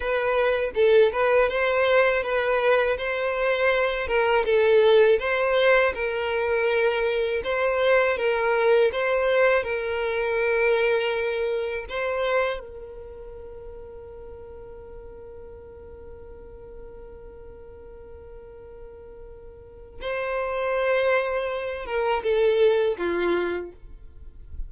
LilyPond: \new Staff \with { instrumentName = "violin" } { \time 4/4 \tempo 4 = 81 b'4 a'8 b'8 c''4 b'4 | c''4. ais'8 a'4 c''4 | ais'2 c''4 ais'4 | c''4 ais'2. |
c''4 ais'2.~ | ais'1~ | ais'2. c''4~ | c''4. ais'8 a'4 f'4 | }